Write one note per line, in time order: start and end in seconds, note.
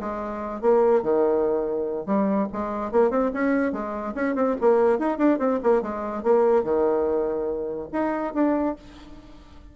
0.00 0.61 G#3
0.61 1.03 A#3
1.03 2.06 D#3
2.06 2.48 G3
2.52 2.92 G#3
2.92 3.10 A#3
3.10 3.31 C4
3.34 3.73 C#4
3.73 4.14 G#3
4.15 4.35 C#4
4.35 4.56 C4
4.61 4.99 A#3
4.99 5.18 D#4
5.18 5.39 D4
5.39 5.60 C4
5.63 5.82 A#3
5.82 6.23 G#3
6.23 6.63 A#3
6.63 7.88 D#3
7.93 8.34 D#4
8.34 8.76 D4